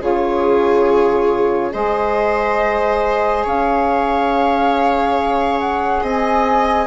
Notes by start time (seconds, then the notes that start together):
0.00 C#3 F4 G#4 C#5
1.73 G#3 G#4 C5 D#5
3.44 C#4 C#5 F5
5.60 F#5
6.02 C4 D#5 G#5